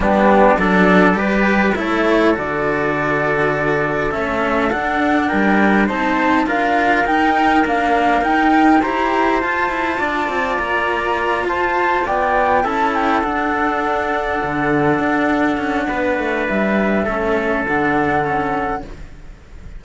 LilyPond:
<<
  \new Staff \with { instrumentName = "flute" } { \time 4/4 \tempo 4 = 102 g'4 d''2 cis''4 | d''2. e''4 | fis''4 g''4 a''4 f''4 | g''4 f''4 g''4 ais''4 |
a''2 ais''4. a''8~ | a''8 g''4 a''8 g''8 fis''4.~ | fis''1 | e''2 fis''2 | }
  \new Staff \with { instrumentName = "trumpet" } { \time 4/4 d'4 a'4 b'4 a'4~ | a'1~ | a'4 ais'4 c''4 ais'4~ | ais'2. c''4~ |
c''4 d''2~ d''8 c''8~ | c''8 d''4 a'2~ a'8~ | a'2. b'4~ | b'4 a'2. | }
  \new Staff \with { instrumentName = "cello" } { \time 4/4 b4 d'4 g'4 e'4 | fis'2. cis'4 | d'2 dis'4 f'4 | dis'4 ais4 dis'4 g'4 |
f'1~ | f'4. e'4 d'4.~ | d'1~ | d'4 cis'4 d'4 cis'4 | }
  \new Staff \with { instrumentName = "cello" } { \time 4/4 g4 fis4 g4 a4 | d2. a4 | d'4 g4 c'4 d'4 | dis'4 d'4 dis'4 e'4 |
f'8 e'8 d'8 c'8 ais4. f'8~ | f'8 b4 cis'4 d'4.~ | d'8 d4 d'4 cis'8 b8 a8 | g4 a4 d2 | }
>>